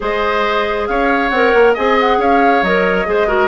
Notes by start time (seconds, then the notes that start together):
0.00 G#3 G#4 C5 D#5
0.87 C#4 C#5 F5
1.29 C4 A#4 F#5
1.54 A#3
1.73 C4 G#4 D#5 G#5
2.00 F#5
2.18 C#4 C#5 F5
2.62 F#3 A#4 D#5
3.05 G#3 G#4 C5
3.27 F#4 A#4